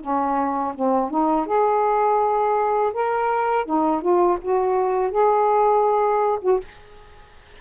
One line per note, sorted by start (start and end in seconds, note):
0.00 0.73 C#4
0.75 1.10 C4
1.10 1.46 D#4
1.46 2.92 G#4
2.93 3.65 A#4
3.65 4.01 D#4
4.01 4.37 F4
4.41 5.11 F#4
5.11 6.39 G#4
6.41 6.60 F#4